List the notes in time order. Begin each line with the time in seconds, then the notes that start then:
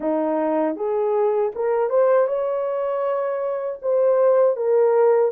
0.00 D#4
0.76 G#4
1.55 A#4
1.89 C5
2.27 C#5
3.81 C5
4.56 A#4